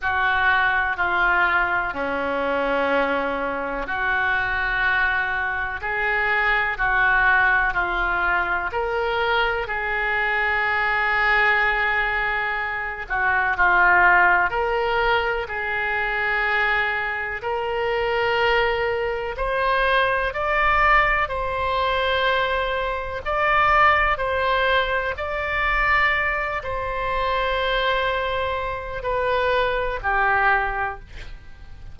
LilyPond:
\new Staff \with { instrumentName = "oboe" } { \time 4/4 \tempo 4 = 62 fis'4 f'4 cis'2 | fis'2 gis'4 fis'4 | f'4 ais'4 gis'2~ | gis'4. fis'8 f'4 ais'4 |
gis'2 ais'2 | c''4 d''4 c''2 | d''4 c''4 d''4. c''8~ | c''2 b'4 g'4 | }